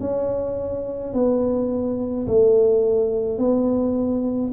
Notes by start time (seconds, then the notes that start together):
0.00 C#4
1.13 B3
2.27 A3
3.38 B3